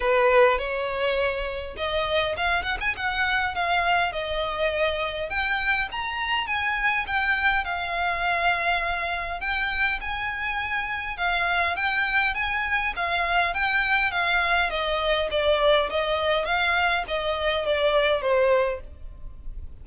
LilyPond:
\new Staff \with { instrumentName = "violin" } { \time 4/4 \tempo 4 = 102 b'4 cis''2 dis''4 | f''8 fis''16 gis''16 fis''4 f''4 dis''4~ | dis''4 g''4 ais''4 gis''4 | g''4 f''2. |
g''4 gis''2 f''4 | g''4 gis''4 f''4 g''4 | f''4 dis''4 d''4 dis''4 | f''4 dis''4 d''4 c''4 | }